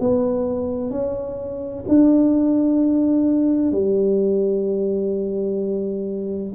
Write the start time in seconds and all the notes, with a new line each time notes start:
0.00 B3
0.91 C#4
1.88 D4
3.72 G3